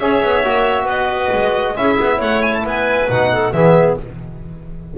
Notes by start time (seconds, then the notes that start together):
0.00 C#4 G#4 C#5 E5
0.23 B3
0.45 A#3 F#4
0.84 B3 B4 D#5
1.33 G#3
1.77 C#4 E4 G#4 E5
2.00 B3
2.17 A3 C#5 F#5
2.43 G#5
2.54 A5
2.64 B3 B4 G#5
3.09 B2 D#4 F#5
3.33 A4
3.53 E3 B3 G#4 E5